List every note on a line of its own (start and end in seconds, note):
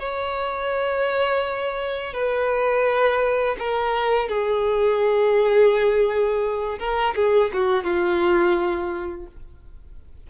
0.00 2.14 C#5
2.14 3.56 B4
3.59 4.29 A#4
4.29 6.79 G#4
6.80 7.15 A#4
7.16 7.52 G#4
7.54 7.84 F#4
7.84 9.27 F4